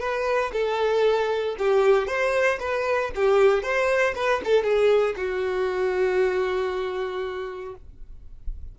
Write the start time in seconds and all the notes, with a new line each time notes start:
0.00 B4
0.53 A4
1.58 G4
2.07 C5
2.60 B4
3.15 G4
3.63 C5
4.16 B4
4.45 A4
4.64 G#4
5.17 F#4